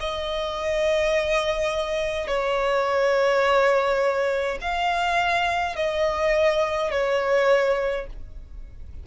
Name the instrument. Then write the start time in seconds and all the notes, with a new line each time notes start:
violin
0.00 D#5
2.28 C#5
4.62 F5
5.76 D#5
6.91 C#5